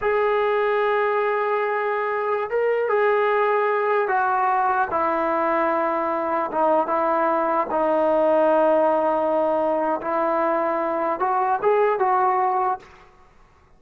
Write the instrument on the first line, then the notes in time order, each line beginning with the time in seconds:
trombone
0.01 G#4
2.50 A#4
2.88 G#4
4.07 F#4
4.90 E4
6.51 D#4
6.87 E4
7.70 D#4
10.01 E4
11.19 F#4
11.62 G#4
11.99 F#4